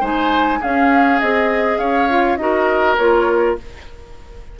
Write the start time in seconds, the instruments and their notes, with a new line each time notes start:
0.00 bassoon G#3, clarinet D#4, oboe C5, flute G#5
0.60 clarinet C#4, bassoon C#4, oboe G#4, flute F5
1.19 bassoon C4, clarinet G#4, flute D#5
1.78 bassoon C#4, oboe C#5, flute F5
2.09 clarinet F4
2.36 bassoon D#4, clarinet F#4, oboe A#4, flute D#5
2.97 bassoon A#3, clarinet F4, flute C#5